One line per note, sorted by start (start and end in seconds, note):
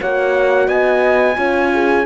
0.00 0.68 A#3
0.00 1.36 F#4
0.00 0.68 C#5
0.00 0.68 F#5
0.68 1.36 B3
0.68 1.37 D#5
0.68 2.06 G#5
1.36 2.06 C#4
1.36 2.05 F4
1.36 1.71 C#5
1.74 2.06 G#4